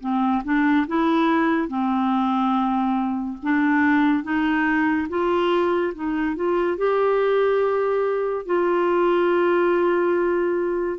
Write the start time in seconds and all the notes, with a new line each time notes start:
0.00 C4
0.44 D4
0.87 E4
1.68 C4
3.42 D4
4.23 D#4
5.09 F4
5.94 D#4
6.35 F4
6.77 G4
8.45 F4